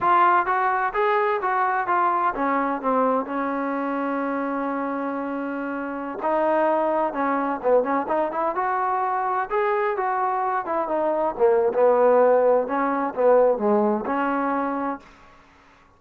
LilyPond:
\new Staff \with { instrumentName = "trombone" } { \time 4/4 \tempo 4 = 128 f'4 fis'4 gis'4 fis'4 | f'4 cis'4 c'4 cis'4~ | cis'1~ | cis'4~ cis'16 dis'2 cis'8.~ |
cis'16 b8 cis'8 dis'8 e'8 fis'4.~ fis'16~ | fis'16 gis'4 fis'4. e'8 dis'8.~ | dis'16 ais8. b2 cis'4 | b4 gis4 cis'2 | }